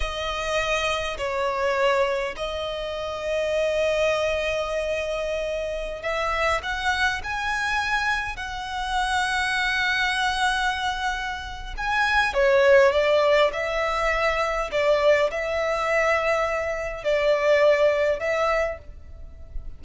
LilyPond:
\new Staff \with { instrumentName = "violin" } { \time 4/4 \tempo 4 = 102 dis''2 cis''2 | dis''1~ | dis''2~ dis''16 e''4 fis''8.~ | fis''16 gis''2 fis''4.~ fis''16~ |
fis''1 | gis''4 cis''4 d''4 e''4~ | e''4 d''4 e''2~ | e''4 d''2 e''4 | }